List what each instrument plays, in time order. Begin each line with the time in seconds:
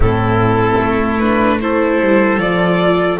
0.00 double bass A2, viola C4, trumpet E4, violin A4
0.80 double bass A3
1.19 viola D4, violin B4
1.61 viola E4, trumpet A4, violin C5
2.00 double bass G3
2.37 double bass F3, viola F4, violin D5